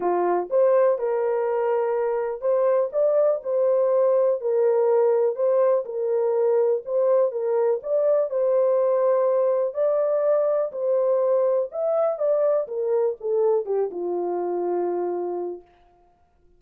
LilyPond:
\new Staff \with { instrumentName = "horn" } { \time 4/4 \tempo 4 = 123 f'4 c''4 ais'2~ | ais'4 c''4 d''4 c''4~ | c''4 ais'2 c''4 | ais'2 c''4 ais'4 |
d''4 c''2. | d''2 c''2 | e''4 d''4 ais'4 a'4 | g'8 f'2.~ f'8 | }